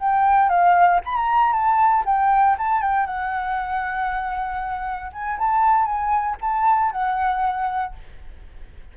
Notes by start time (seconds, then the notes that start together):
0.00 G5
0.49 F5
1.05 B5
1.16 A#5
1.53 A5
2.06 G5
2.59 A5
2.82 G5
3.07 F#5
5.13 G#5
5.39 A5
5.86 G#5
6.41 A5
6.92 F#5